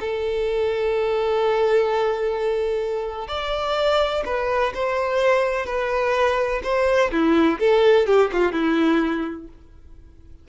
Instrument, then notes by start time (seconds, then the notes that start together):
violin
0.00 A4
3.28 D5
4.25 B4
4.74 C5
5.66 B4
6.63 C5
7.11 E4
7.59 A4
8.06 G4
8.32 F4
8.52 E4